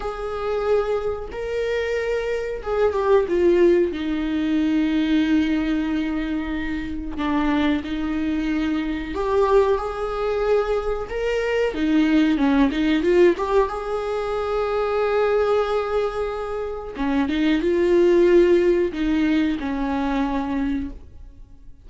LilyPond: \new Staff \with { instrumentName = "viola" } { \time 4/4 \tempo 4 = 92 gis'2 ais'2 | gis'8 g'8 f'4 dis'2~ | dis'2. d'4 | dis'2 g'4 gis'4~ |
gis'4 ais'4 dis'4 cis'8 dis'8 | f'8 g'8 gis'2.~ | gis'2 cis'8 dis'8 f'4~ | f'4 dis'4 cis'2 | }